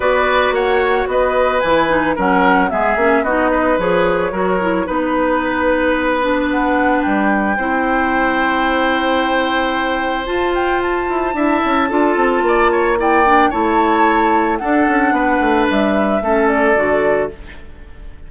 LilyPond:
<<
  \new Staff \with { instrumentName = "flute" } { \time 4/4 \tempo 4 = 111 d''4 fis''4 dis''4 gis''4 | fis''4 e''4 dis''4 cis''4~ | cis''4 b'2. | fis''4 g''2.~ |
g''2. a''8 g''8 | a''1 | g''4 a''2 fis''4~ | fis''4 e''4. d''4. | }
  \new Staff \with { instrumentName = "oboe" } { \time 4/4 b'4 cis''4 b'2 | ais'4 gis'4 fis'8 b'4. | ais'4 b'2.~ | b'2 c''2~ |
c''1~ | c''4 e''4 a'4 d''8 cis''8 | d''4 cis''2 a'4 | b'2 a'2 | }
  \new Staff \with { instrumentName = "clarinet" } { \time 4/4 fis'2. e'8 dis'8 | cis'4 b8 cis'8 dis'4 gis'4 | fis'8 e'8 dis'2~ dis'8 d'8~ | d'2 e'2~ |
e'2. f'4~ | f'4 e'4 f'2 | e'8 d'8 e'2 d'4~ | d'2 cis'4 fis'4 | }
  \new Staff \with { instrumentName = "bassoon" } { \time 4/4 b4 ais4 b4 e4 | fis4 gis8 ais8 b4 f4 | fis4 b2.~ | b4 g4 c'2~ |
c'2. f'4~ | f'8 e'8 d'8 cis'8 d'8 c'8 ais4~ | ais4 a2 d'8 cis'8 | b8 a8 g4 a4 d4 | }
>>